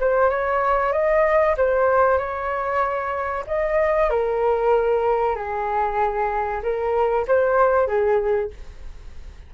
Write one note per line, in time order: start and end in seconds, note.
0.00 0.30 C5
0.30 0.92 C#5
0.92 1.56 D#5
1.57 2.18 C5
2.18 3.44 C#5
3.47 4.10 D#5
4.10 5.36 A#4
5.36 6.62 G#4
6.63 7.26 A#4
7.27 7.87 C5
7.87 8.51 G#4